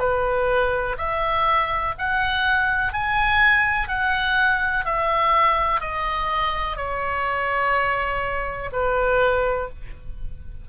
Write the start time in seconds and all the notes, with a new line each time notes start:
0.00 B4
0.98 E5
1.99 F#5
2.93 G#5
3.88 F#5
4.86 E5
5.81 D#5
6.77 C#5
8.73 B4